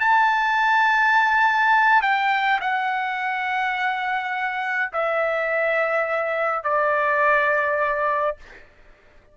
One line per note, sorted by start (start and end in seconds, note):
0.00 2.02 A5
2.02 2.60 G5
2.61 4.91 F#5
4.92 6.63 E5
6.63 8.37 D5